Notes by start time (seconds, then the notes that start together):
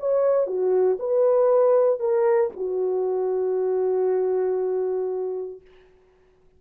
0.00 C#5
0.47 F#4
0.99 B4
2.00 A#4
2.57 F#4